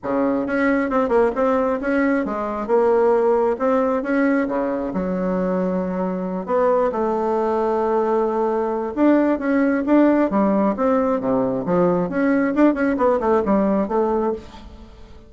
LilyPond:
\new Staff \with { instrumentName = "bassoon" } { \time 4/4 \tempo 4 = 134 cis4 cis'4 c'8 ais8 c'4 | cis'4 gis4 ais2 | c'4 cis'4 cis4 fis4~ | fis2~ fis8 b4 a8~ |
a1 | d'4 cis'4 d'4 g4 | c'4 c4 f4 cis'4 | d'8 cis'8 b8 a8 g4 a4 | }